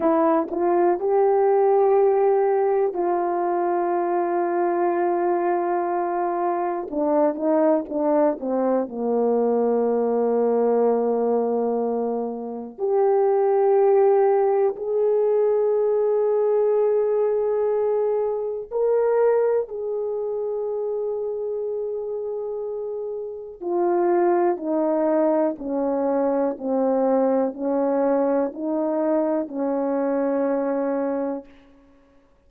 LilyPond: \new Staff \with { instrumentName = "horn" } { \time 4/4 \tempo 4 = 61 e'8 f'8 g'2 f'4~ | f'2. d'8 dis'8 | d'8 c'8 ais2.~ | ais4 g'2 gis'4~ |
gis'2. ais'4 | gis'1 | f'4 dis'4 cis'4 c'4 | cis'4 dis'4 cis'2 | }